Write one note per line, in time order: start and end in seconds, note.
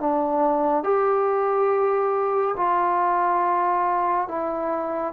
0.00 0.83 D4
0.83 2.55 G4
2.56 4.28 F4
4.28 5.13 E4